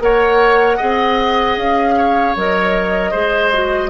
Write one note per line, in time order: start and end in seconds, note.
0.00 0.78 A#3
0.00 0.78 A#4
0.00 0.77 C#5
0.00 1.58 F#5
0.77 1.57 C4
0.77 2.35 G#4
0.77 1.94 D#5
1.57 2.35 C#4
1.57 2.36 F5
1.98 3.11 C#5
2.36 3.14 F#3
2.36 3.13 A#4
2.36 3.90 D#5
3.11 3.90 G#3
3.11 3.52 G#4
3.11 3.89 C5
3.53 3.90 F#4